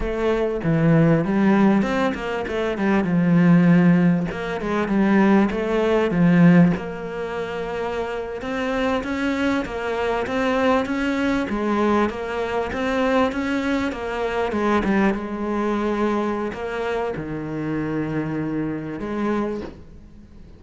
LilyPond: \new Staff \with { instrumentName = "cello" } { \time 4/4 \tempo 4 = 98 a4 e4 g4 c'8 ais8 | a8 g8 f2 ais8 gis8 | g4 a4 f4 ais4~ | ais4.~ ais16 c'4 cis'4 ais16~ |
ais8. c'4 cis'4 gis4 ais16~ | ais8. c'4 cis'4 ais4 gis16~ | gis16 g8 gis2~ gis16 ais4 | dis2. gis4 | }